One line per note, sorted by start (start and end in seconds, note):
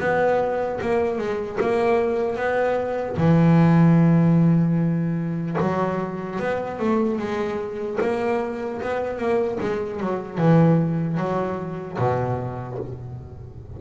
0.00 0.80 B3
0.82 1.19 A#3
1.19 1.59 G#3
1.61 2.36 A#3
2.36 3.16 B3
3.17 5.57 E3
5.60 6.40 F#3
6.40 6.80 B3
6.80 7.19 A3
7.19 7.99 G#3
8.01 8.81 A#3
8.82 9.18 B3
9.18 9.58 A#3
9.61 10.00 G#3
10.00 10.38 F#3
10.38 11.18 E3
11.18 11.98 F#3
11.98 12.78 B2